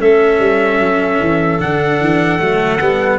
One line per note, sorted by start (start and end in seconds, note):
0.00 0.39 A3
0.00 1.60 C#4
0.00 3.19 A4
0.00 1.61 E5
0.39 0.79 G3
0.79 1.19 F#3
1.20 1.60 E3
1.60 2.01 D3
1.60 2.40 D4
1.60 3.19 F#5
2.01 2.41 E3
2.40 2.81 F#3
2.40 2.80 A3
2.81 3.19 G3
2.81 3.19 B3